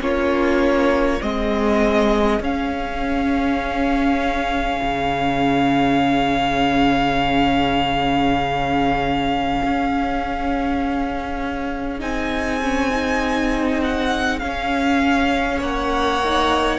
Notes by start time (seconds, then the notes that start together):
0.00 A#3 C#4 F4 C#5
1.22 G#3 C4 G#4 D#5
2.40 C#4 F5
4.81 C#3
9.63 C#4
12.00 C4 D#4 G#5
12.62 C#4
12.91 D#4
13.84 F#5
14.39 C#4 F5
15.58 A#3 C#5 F#5
16.25 D#4